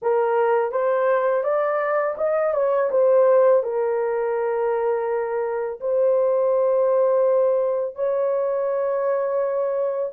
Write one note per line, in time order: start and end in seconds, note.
0.02 0.71 A#4
0.71 1.43 C5
1.43 2.15 D5
2.17 2.53 D#5
2.53 2.89 C#5
2.90 3.63 C5
3.63 5.80 A#4
5.80 7.95 C5
7.95 10.12 C#5